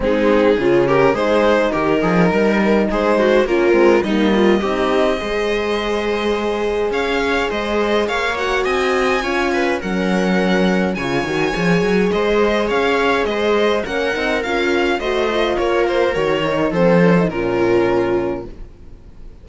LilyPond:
<<
  \new Staff \with { instrumentName = "violin" } { \time 4/4 \tempo 4 = 104 gis'4. ais'8 c''4 ais'4~ | ais'4 c''4 ais'4 dis''4~ | dis''1 | f''4 dis''4 f''8 fis''8 gis''4~ |
gis''4 fis''2 gis''4~ | gis''4 dis''4 f''4 dis''4 | fis''4 f''4 dis''4 cis''8 c''8 | cis''4 c''4 ais'2 | }
  \new Staff \with { instrumentName = "viola" } { \time 4/4 dis'4 f'8 g'8 gis'4 g'8 gis'8 | ais'4 gis'8 fis'8 f'4 dis'8 f'8 | g'4 c''2. | cis''4 c''4 cis''4 dis''4 |
cis''8 b'8 ais'2 cis''4~ | cis''4 c''4 cis''4 c''4 | ais'2 c''4 ais'4~ | ais'4 a'4 f'2 | }
  \new Staff \with { instrumentName = "horn" } { \time 4/4 c'4 cis'4 dis'2~ | dis'2 cis'8 c'8 ais4 | dis'4 gis'2.~ | gis'2~ gis'8 fis'4. |
f'4 cis'2 f'8 fis'8 | gis'1 | cis'8 dis'8 f'4 fis'8 f'4. | fis'8 dis'8 c'8 cis'16 dis'16 cis'2 | }
  \new Staff \with { instrumentName = "cello" } { \time 4/4 gis4 cis4 gis4 dis8 f8 | g4 gis4 ais8 gis8 g4 | c'4 gis2. | cis'4 gis4 ais4 c'4 |
cis'4 fis2 cis8 dis8 | f8 fis8 gis4 cis'4 gis4 | ais8 c'8 cis'4 a4 ais4 | dis4 f4 ais,2 | }
>>